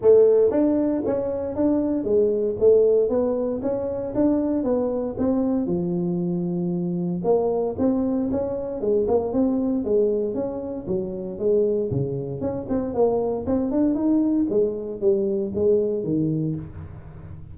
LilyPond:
\new Staff \with { instrumentName = "tuba" } { \time 4/4 \tempo 4 = 116 a4 d'4 cis'4 d'4 | gis4 a4 b4 cis'4 | d'4 b4 c'4 f4~ | f2 ais4 c'4 |
cis'4 gis8 ais8 c'4 gis4 | cis'4 fis4 gis4 cis4 | cis'8 c'8 ais4 c'8 d'8 dis'4 | gis4 g4 gis4 dis4 | }